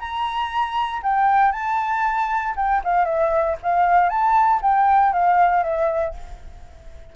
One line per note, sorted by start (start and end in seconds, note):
0.00 1.03 A#5
1.03 1.52 G5
1.52 2.55 A5
2.56 2.82 G5
2.85 3.05 F5
3.05 3.56 E5
3.63 4.10 F5
4.10 4.61 A5
4.62 5.13 G5
5.13 5.63 F5
5.63 6.15 E5